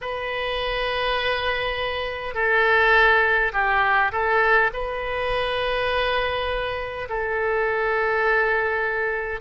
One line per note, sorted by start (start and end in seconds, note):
0.01 2.34 B4
2.34 3.51 A4
3.52 4.11 G4
4.12 4.71 A4
4.73 7.08 B4
7.09 9.40 A4